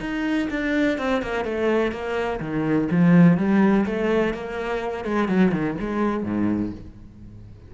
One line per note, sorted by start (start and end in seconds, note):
0.00 0.48 D#4
0.50 0.98 D4
0.98 1.22 C4
1.22 1.45 A#3
1.45 1.92 A3
1.92 2.40 A#3
2.40 2.88 D#3
2.91 3.37 F3
3.37 3.85 G3
3.86 4.34 A3
4.34 5.05 A#3
5.05 5.28 G#3
5.28 5.52 F#3
5.52 5.76 D#3
5.80 6.24 G#3
6.24 6.72 G#2